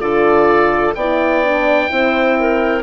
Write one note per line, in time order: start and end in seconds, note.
0.00 0.94 D3
0.00 0.94 F4
0.00 0.95 A4
0.00 0.94 D5
0.95 1.89 B3
0.95 1.44 E4
0.95 1.90 D5
0.95 2.82 G5
1.44 1.88 D4
1.88 2.83 C4
1.88 2.82 E4
1.88 2.38 C5
2.39 2.83 A#4